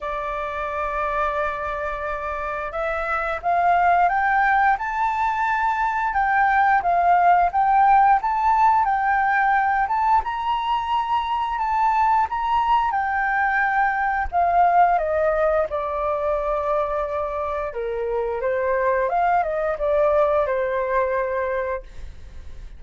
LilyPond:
\new Staff \with { instrumentName = "flute" } { \time 4/4 \tempo 4 = 88 d''1 | e''4 f''4 g''4 a''4~ | a''4 g''4 f''4 g''4 | a''4 g''4. a''8 ais''4~ |
ais''4 a''4 ais''4 g''4~ | g''4 f''4 dis''4 d''4~ | d''2 ais'4 c''4 | f''8 dis''8 d''4 c''2 | }